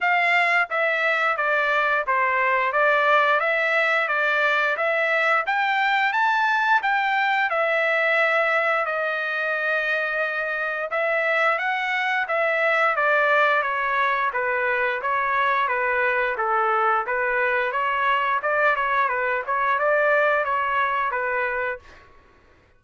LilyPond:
\new Staff \with { instrumentName = "trumpet" } { \time 4/4 \tempo 4 = 88 f''4 e''4 d''4 c''4 | d''4 e''4 d''4 e''4 | g''4 a''4 g''4 e''4~ | e''4 dis''2. |
e''4 fis''4 e''4 d''4 | cis''4 b'4 cis''4 b'4 | a'4 b'4 cis''4 d''8 cis''8 | b'8 cis''8 d''4 cis''4 b'4 | }